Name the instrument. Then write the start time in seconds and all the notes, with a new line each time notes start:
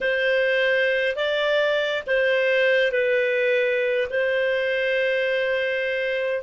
clarinet
0.00 C5
1.15 D5
2.06 C5
2.91 B4
4.10 C5